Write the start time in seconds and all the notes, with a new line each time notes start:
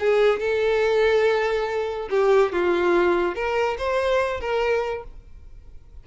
0.00 G#4
0.40 A4
2.10 G4
2.53 F4
3.36 A#4
3.78 C5
4.41 A#4